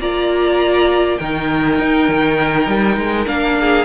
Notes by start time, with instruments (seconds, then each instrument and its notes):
0.00 cello A#3, viola F4, violin D5 A#5
1.17 cello D#3, viola D#4, violin A#4 G5
1.79 cello D#4
2.08 cello D#3
2.67 cello G3
2.96 cello G#3
3.25 cello A#3, viola D4, violin F5
3.59 violin G#4